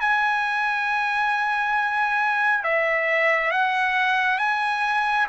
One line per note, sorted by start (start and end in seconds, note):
0.00 2.64 G#5
2.64 3.51 E5
3.51 4.38 F#5
4.38 5.27 G#5